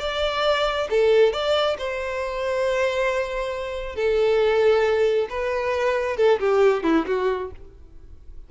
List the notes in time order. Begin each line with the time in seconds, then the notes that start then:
0.00 D5
0.90 A4
1.33 D5
1.78 C5
3.96 A4
5.30 B4
6.17 A4
6.40 G4
6.84 E4
7.07 F#4